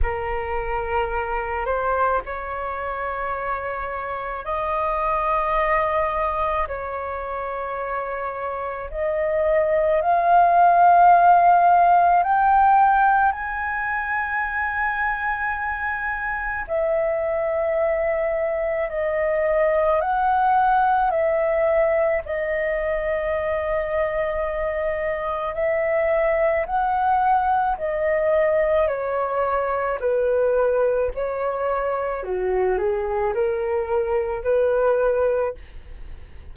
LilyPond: \new Staff \with { instrumentName = "flute" } { \time 4/4 \tempo 4 = 54 ais'4. c''8 cis''2 | dis''2 cis''2 | dis''4 f''2 g''4 | gis''2. e''4~ |
e''4 dis''4 fis''4 e''4 | dis''2. e''4 | fis''4 dis''4 cis''4 b'4 | cis''4 fis'8 gis'8 ais'4 b'4 | }